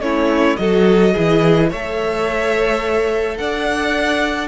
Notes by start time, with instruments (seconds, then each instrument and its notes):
0.00 cello A3, viola C#4, violin E4 C#5
0.56 cello F#3, viola F#4, violin A4 D#5
1.14 cello E3, viola E4, violin G#4
1.69 cello A3, viola A4, violin C#5 E5
3.37 cello D4, violin D5 F#5